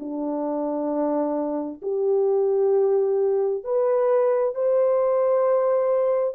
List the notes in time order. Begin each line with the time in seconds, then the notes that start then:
0.00 D4
1.83 G4
3.64 B4
4.55 C5